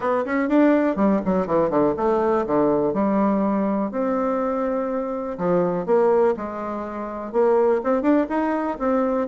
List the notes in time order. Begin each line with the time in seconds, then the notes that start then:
0.00 B3
0.25 C#4
0.49 D4
0.96 G3
1.25 F#3
1.47 E3
1.70 D3
1.96 A3
2.46 D3
2.93 G3
3.91 C4
5.38 F3
5.86 A#3
6.36 G#3
7.32 A#3
7.83 C4
8.02 D4
8.29 D#4
8.78 C4